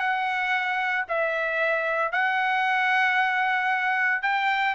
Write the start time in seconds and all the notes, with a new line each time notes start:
0.00 F#5
1.09 E5
2.12 F#5
4.23 G5